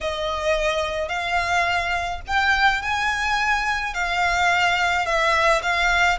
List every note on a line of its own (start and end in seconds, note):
0.01 1.08 D#5
1.08 2.20 F5
2.27 2.82 G5
2.82 3.94 G#5
3.94 5.05 F5
5.05 5.61 E5
5.62 6.18 F5